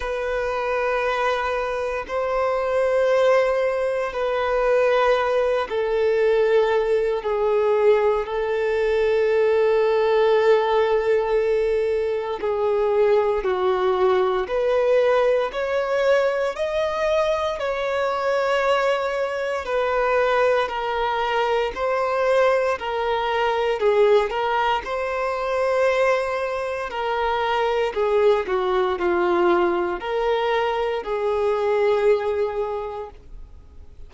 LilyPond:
\new Staff \with { instrumentName = "violin" } { \time 4/4 \tempo 4 = 58 b'2 c''2 | b'4. a'4. gis'4 | a'1 | gis'4 fis'4 b'4 cis''4 |
dis''4 cis''2 b'4 | ais'4 c''4 ais'4 gis'8 ais'8 | c''2 ais'4 gis'8 fis'8 | f'4 ais'4 gis'2 | }